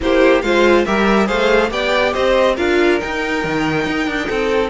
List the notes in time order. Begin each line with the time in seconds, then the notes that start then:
0.00 A#3 E4 G4 C5
0.41 G#3 F4 C5 F5
0.85 G3 G4 A#4 E5
1.26 A3 G#4 C5 F5
1.69 B3 G4 D5 G5
2.13 C4 C5 D#5
2.55 D4 F4 A#4 F5
3.00 D#4 G5
3.44 D#3
3.86 D#4
4.07 D4
4.27 C4 A4